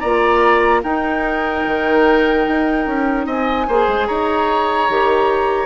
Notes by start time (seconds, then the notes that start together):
0.00 A#3 F4 D5 A#5
0.83 D#4 A#4 G5
1.66 D#3
2.48 D#4
2.87 C#4
3.26 C4 D#5 G#5
3.68 A#3 G#4 C5
3.87 G#3
4.07 D#4 C#5 A#5
4.89 D#3 G4